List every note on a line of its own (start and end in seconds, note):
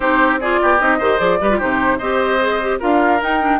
0.00 0.59 C4
0.00 0.41 D#4
0.00 0.39 G4
0.00 0.37 C5
0.40 0.79 F4
0.40 0.60 G#4
0.40 0.80 D5
0.61 0.81 B3
0.61 0.98 G4
0.79 0.99 C4
0.79 0.99 D#4
0.79 1.18 D#5
0.98 1.19 D#3
0.98 1.18 G4
0.98 1.38 C5
1.18 1.39 F3
1.18 1.38 G#4
1.18 1.58 D5
1.40 1.60 G3
1.40 1.50 G4
1.40 1.57 B4
1.50 1.60 F4
1.57 2.00 C3
1.57 2.00 D#4
1.57 1.97 G4
1.57 1.98 C5
1.98 2.80 C4
1.98 2.40 G4
1.98 2.78 C5
1.98 2.78 D#5
2.40 2.60 G#4
2.61 2.80 G4
2.79 3.21 D4
2.79 3.20 F4
2.79 3.59 A#4
2.79 3.22 F5
3.21 3.40 D#4
3.21 3.60 D#4
3.21 3.60 G5
3.40 3.60 D4